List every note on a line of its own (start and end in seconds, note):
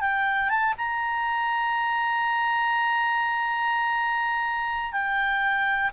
0.00 0.49 G5
0.49 0.74 A5
0.78 4.92 A#5
4.92 5.91 G5